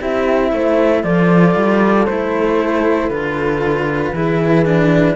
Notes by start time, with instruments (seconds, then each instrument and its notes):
0.00 cello C4 E4, horn G4, flute E5
0.52 cello A3, horn C5
1.03 cello F3 F4, horn A4, flute D5
1.55 cello G3
2.06 cello A3 E4, flute C5
3.08 cello D3 F4, flute B4
4.12 cello E3 E4, horn G#4
4.65 cello D4